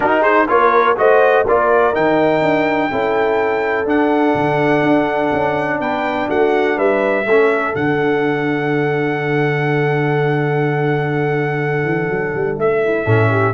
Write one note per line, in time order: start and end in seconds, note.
0.00 0.47 D#4
0.00 0.49 D#4
0.00 0.20 F#4
0.00 0.22 A#4
0.20 0.45 G#4
0.20 0.47 C5
0.47 0.97 A#3
0.47 0.96 F4
0.47 0.98 A#4
0.47 0.97 C#5
0.96 1.46 A3
0.96 1.45 F#4
0.96 1.46 C5
0.96 1.46 D#5
1.46 1.96 A#3
1.46 1.93 F4
1.46 2.91 A#4
1.46 1.94 D5
1.93 2.41 D#3
1.93 2.90 D#4
1.93 3.88 G5
2.41 2.89 D4
2.90 3.85 C#4
2.90 3.85 E4
2.90 5.81 A4
3.85 4.33 D4
3.85 7.24 D4
3.85 5.80 F#5
4.34 4.82 D3
4.82 5.30 D4
5.32 5.80 C#4
5.80 6.28 B3
5.80 6.28 B4
5.80 6.29 G5
6.28 6.77 A3
6.28 6.76 F#4
6.28 6.78 F#5
6.76 7.25 G3
6.76 7.25 B4
6.76 7.75 E5
7.25 7.74 A3
7.25 7.74 C#4
7.25 12.83 A4
7.74 11.83 D3
7.74 13.05 D4
7.74 12.59 F#5
11.83 12.08 E3
12.10 12.34 F#3
12.34 12.56 G3
12.56 13.05 A3
12.56 13.54 E5
12.84 13.05 E4
13.05 13.54 A2
13.05 13.54 C#4
13.05 13.29 A4
13.30 13.54 G4